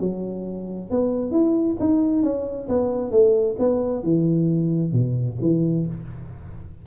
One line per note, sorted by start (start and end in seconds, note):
0.00 0.90 F#3
0.90 1.31 B3
1.31 1.76 E4
1.80 2.23 D#4
2.23 2.68 C#4
2.68 3.11 B3
3.11 3.56 A3
3.59 4.03 B3
4.03 4.92 E3
4.92 5.37 B2
5.41 5.86 E3